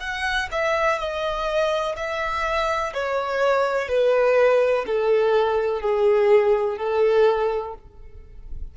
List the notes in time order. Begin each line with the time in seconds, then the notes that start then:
0.00 F#5
0.51 E5
0.99 D#5
1.97 E5
2.93 C#5
3.88 B4
4.87 A4
5.81 G#4
6.78 A4